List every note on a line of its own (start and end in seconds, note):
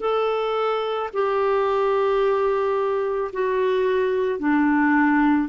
0.00 1.09 A4
1.13 3.31 G4
3.33 4.39 F#4
4.39 5.48 D4